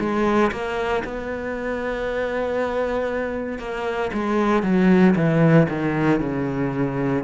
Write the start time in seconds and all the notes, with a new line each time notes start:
0.00 G#3
0.52 A#3
1.05 B3
3.59 A#3
4.13 G#3
4.63 F#3
5.16 E3
5.69 D#3
6.20 C#3